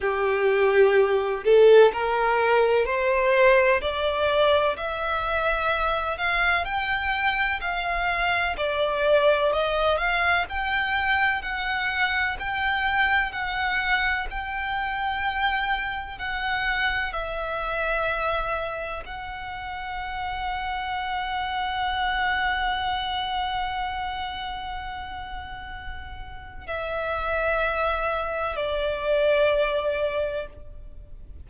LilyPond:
\new Staff \with { instrumentName = "violin" } { \time 4/4 \tempo 4 = 63 g'4. a'8 ais'4 c''4 | d''4 e''4. f''8 g''4 | f''4 d''4 dis''8 f''8 g''4 | fis''4 g''4 fis''4 g''4~ |
g''4 fis''4 e''2 | fis''1~ | fis''1 | e''2 d''2 | }